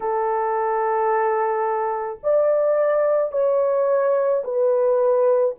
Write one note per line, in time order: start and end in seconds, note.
0.00 2.19 A4
2.23 3.32 D5
3.32 4.43 C#5
4.44 5.55 B4